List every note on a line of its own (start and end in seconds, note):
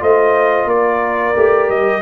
0.00 0.65 A3
0.00 1.35 F4
0.00 0.67 C5
0.00 0.69 D#5
0.65 1.32 A#3
0.65 2.02 A#4
0.65 1.70 D5
1.36 1.69 A3
1.36 2.02 G4
1.69 2.02 G3
1.69 2.02 D#5